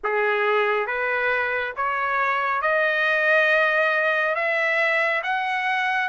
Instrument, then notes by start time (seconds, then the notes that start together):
trumpet
0.03 G#4
0.86 B4
1.76 C#5
2.61 D#5
4.35 E5
5.23 F#5